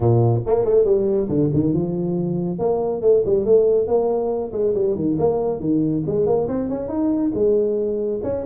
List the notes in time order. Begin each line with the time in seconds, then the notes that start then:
0.00 A#2
0.46 A#3
0.65 A3
0.84 G3
1.28 D3
1.53 D#3
1.73 F3
2.59 A#3
3.01 A3
3.25 G3
3.45 A3
3.87 A#3
4.52 G#3
4.74 G3
4.95 D#3
5.18 A#3
5.60 D#3
6.06 G#3
6.26 A#3
6.48 C4
6.69 C#4
6.88 D#4
7.34 G#3
8.23 C#4